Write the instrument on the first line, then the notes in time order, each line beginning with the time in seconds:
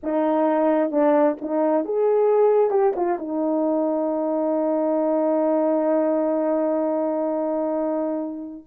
horn
0.03 D#4
0.91 D4
1.41 D#4
1.84 G#4
2.70 G4
2.95 F4
3.18 D#4